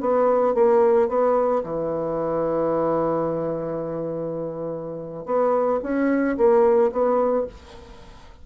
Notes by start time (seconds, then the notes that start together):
0.00 B3
0.54 A#3
1.08 B3
1.63 E3
5.25 B3
5.82 C#4
6.37 A#3
6.91 B3